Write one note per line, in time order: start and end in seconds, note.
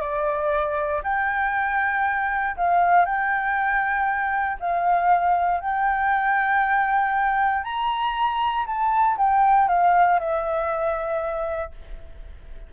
0.00 1.02 D5
1.03 2.56 G5
2.56 3.05 F5
3.05 4.57 G5
4.59 5.60 F5
5.60 7.63 G5
7.63 8.65 A#5
8.66 9.17 A5
9.17 9.68 G5
9.68 10.19 F5
10.19 11.72 E5